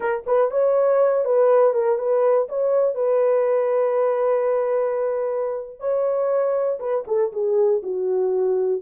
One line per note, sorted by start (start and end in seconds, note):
0.00 0.24 A#4
0.26 0.50 B4
0.50 1.24 C#5
1.24 1.73 B4
1.73 1.98 A#4
1.98 2.47 B4
2.49 2.94 C#5
2.94 5.79 B4
5.79 6.78 C#5
6.79 7.04 B4
7.07 7.31 A4
7.32 7.81 G#4
7.82 8.81 F#4